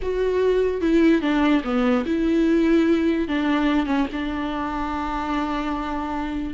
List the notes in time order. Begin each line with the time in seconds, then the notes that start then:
0.02 F#4
0.81 E4
1.21 D4
1.63 B3
2.05 E4
3.28 D4
3.86 C#4
4.12 D4